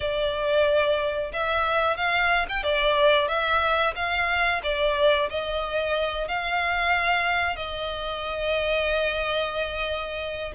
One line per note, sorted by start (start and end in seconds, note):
0.00 1.32 D5
1.32 1.96 E5
1.96 2.46 F5
2.48 2.63 G5
2.63 3.28 D5
3.28 3.94 E5
3.95 4.61 F5
4.63 5.29 D5
5.29 6.28 D#5
6.28 7.56 F5
7.56 10.52 D#5